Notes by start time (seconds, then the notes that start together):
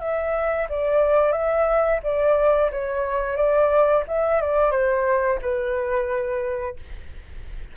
0.00 E5
0.70 D5
1.32 E5
2.03 D5
2.72 C#5
3.36 D5
4.08 E5
4.42 D5
4.72 C5
5.42 B4